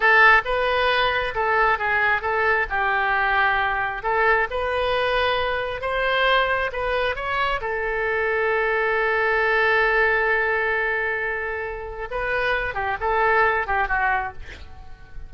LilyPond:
\new Staff \with { instrumentName = "oboe" } { \time 4/4 \tempo 4 = 134 a'4 b'2 a'4 | gis'4 a'4 g'2~ | g'4 a'4 b'2~ | b'4 c''2 b'4 |
cis''4 a'2.~ | a'1~ | a'2. b'4~ | b'8 g'8 a'4. g'8 fis'4 | }